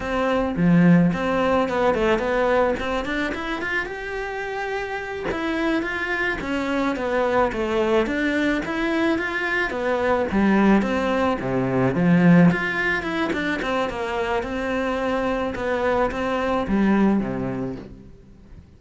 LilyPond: \new Staff \with { instrumentName = "cello" } { \time 4/4 \tempo 4 = 108 c'4 f4 c'4 b8 a8 | b4 c'8 d'8 e'8 f'8 g'4~ | g'4. e'4 f'4 cis'8~ | cis'8 b4 a4 d'4 e'8~ |
e'8 f'4 b4 g4 c'8~ | c'8 c4 f4 f'4 e'8 | d'8 c'8 ais4 c'2 | b4 c'4 g4 c4 | }